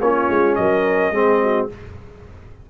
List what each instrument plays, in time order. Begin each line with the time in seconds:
0.00 tuba A#3, trombone C#4, horn F4, trumpet C#5
0.29 tuba G#3
0.55 tuba F#3, horn A#4, trumpet D#5
1.11 tuba G#3, trombone C4, horn G#4
1.42 horn F#4